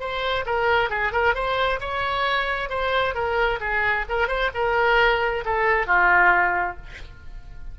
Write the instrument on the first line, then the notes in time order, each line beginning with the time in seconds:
oboe
0.00 C5
0.46 A#4
0.90 G#4
1.13 A#4
1.35 C5
1.81 C#5
2.70 C5
3.15 A#4
3.60 G#4
4.09 A#4
4.28 C5
4.54 A#4
5.45 A4
5.87 F4